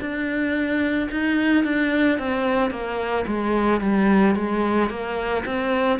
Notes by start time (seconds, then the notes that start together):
0.00 D4
1.11 D#4
1.64 D4
2.19 C4
2.71 A#3
3.27 G#3
3.81 G3
4.35 G#3
4.90 A#3
5.45 C4